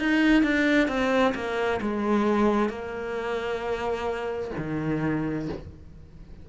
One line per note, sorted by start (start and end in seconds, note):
0.00 0.43 D#4
0.43 0.88 D4
0.88 1.34 C4
1.35 1.81 A#3
1.81 2.70 G#3
2.70 4.52 A#3
4.58 5.49 D#3